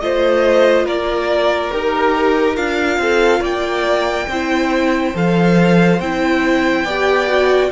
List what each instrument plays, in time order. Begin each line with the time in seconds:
0.00 cello A3, viola F4, violin C5 D#5
0.85 cello A#3, violin A#4 D5
1.71 cello D#4, viola G4, violin A#4
2.55 cello D4, viola F4, violin F5
2.98 cello C4, violin A4
3.40 cello A#3, violin D5 G5
4.27 cello C4, viola E4, violin C5
5.14 cello F3, viola A4, violin F5
5.99 cello C4, viola E4, violin G5
6.84 cello B3, viola G4, violin D5
7.27 viola F#4